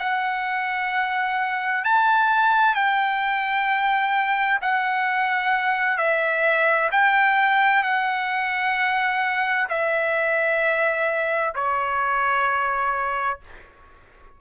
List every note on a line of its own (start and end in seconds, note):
0.00 1.85 F#5
1.85 2.75 A5
2.75 4.59 G5
4.62 5.97 F#5
5.97 6.90 E5
6.92 7.83 G5
7.83 9.68 F#5
9.70 11.54 E5
11.55 13.40 C#5